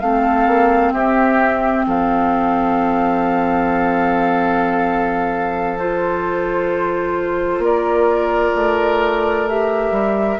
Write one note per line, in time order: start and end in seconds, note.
0.00 0.47 A3
0.00 5.77 C4
0.00 0.93 A4
0.00 0.92 F5
0.47 0.92 A#3
0.92 1.85 C4
0.92 1.85 G4
0.92 1.85 E5
1.86 7.58 F3
1.86 7.63 A4
1.86 5.79 F5
5.78 9.47 F4
5.78 7.63 C5
7.58 8.50 A#3
7.58 10.40 A#4
7.58 9.48 D5
8.55 9.91 A3
9.47 10.40 G4
9.47 10.40 E5
9.91 10.37 G3